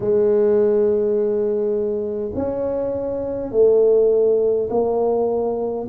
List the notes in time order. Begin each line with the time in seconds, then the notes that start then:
0.00 G#3
2.35 C#4
3.51 A3
4.70 A#3